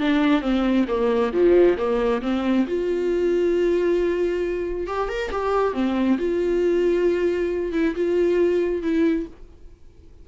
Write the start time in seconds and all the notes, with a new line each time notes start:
0.00 D4
0.42 C4
0.88 A#3
1.33 F3
1.78 A#3
2.22 C4
2.67 F4
4.87 G4
5.09 A#4
5.32 G4
5.74 C4
6.18 F4
7.73 E4
7.95 F4
8.82 E4